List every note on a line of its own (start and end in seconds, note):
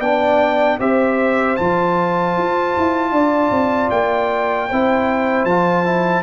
0.00 0.78 B3
0.00 0.80 D4
0.00 0.78 D5
0.00 0.79 G5
0.80 1.58 C4
0.80 1.57 G4
0.80 3.13 C5
0.80 1.56 E5
1.56 2.37 F3
1.56 4.69 F4
1.56 3.90 A5
2.37 2.76 F4
2.77 3.12 E4
3.12 3.51 D4
3.12 4.69 D5
3.51 3.90 C4
3.90 4.70 A#3
3.90 5.45 G5
4.69 5.45 C4
4.69 5.50 E4
4.69 6.23 C5
5.45 6.23 F3
5.45 5.85 F4
5.45 6.23 A5
5.85 6.23 E4